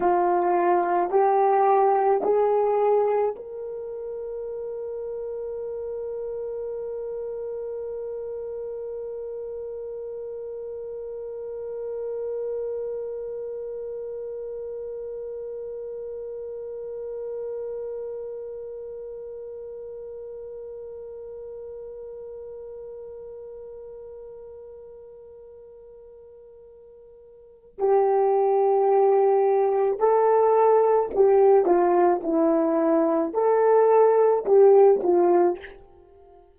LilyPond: \new Staff \with { instrumentName = "horn" } { \time 4/4 \tempo 4 = 54 f'4 g'4 gis'4 ais'4~ | ais'1~ | ais'1~ | ais'1~ |
ais'1~ | ais'1~ | ais'4 g'2 a'4 | g'8 f'8 e'4 a'4 g'8 f'8 | }